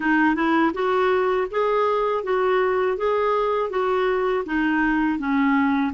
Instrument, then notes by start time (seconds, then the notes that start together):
clarinet
0.00 D#4
0.35 E4
0.73 F#4
1.50 G#4
2.23 F#4
2.97 G#4
3.69 F#4
4.45 D#4
5.19 C#4